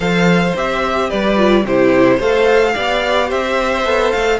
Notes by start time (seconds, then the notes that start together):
0.00 F3 A4 C5 F5
0.56 C4 G4 E5
1.09 G3 B4 D5
1.36 F4
1.64 C3 E4 G4 C5
2.17 A3 A4 C5 F5
2.73 B3 G4 D5
3.28 C4 C5 E5
3.84 B3 A4
4.11 A3 F5